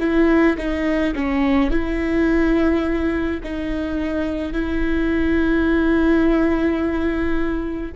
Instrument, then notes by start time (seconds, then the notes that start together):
viola
0.00 E4
0.57 D#4
1.15 C#4
1.70 E4
3.43 D#4
4.52 E4